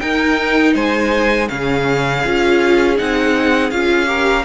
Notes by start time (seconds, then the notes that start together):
0.00 D#4 A#4 G5
0.75 G#3 C5 G#5
1.49 C#3 C#4 G#4 F5
2.26 C#4 F4
2.96 C4 D#4 F#5
3.71 C#4 F4 F5
4.06 G4 A#4